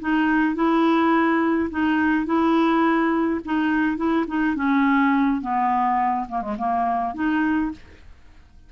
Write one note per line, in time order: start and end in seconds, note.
0.00 0.55 D#4
0.55 1.69 E4
1.70 2.26 D#4
2.26 3.40 E4
3.45 3.97 D#4
3.97 4.25 E4
4.27 4.56 D#4
4.56 5.41 C#4
5.41 6.27 B3
6.28 6.42 A#3
6.42 6.56 G#3
6.58 7.14 A#3
7.14 7.71 D#4